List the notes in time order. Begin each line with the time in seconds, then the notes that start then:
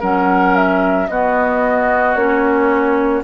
0.00 F#3 C#4 A#4 F#5
0.56 E5
1.08 B3 F#4 D#5
2.15 A#3 C#4 C#5